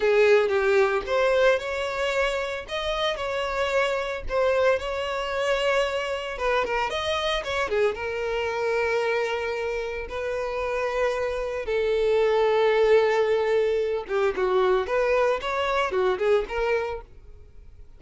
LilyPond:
\new Staff \with { instrumentName = "violin" } { \time 4/4 \tempo 4 = 113 gis'4 g'4 c''4 cis''4~ | cis''4 dis''4 cis''2 | c''4 cis''2. | b'8 ais'8 dis''4 cis''8 gis'8 ais'4~ |
ais'2. b'4~ | b'2 a'2~ | a'2~ a'8 g'8 fis'4 | b'4 cis''4 fis'8 gis'8 ais'4 | }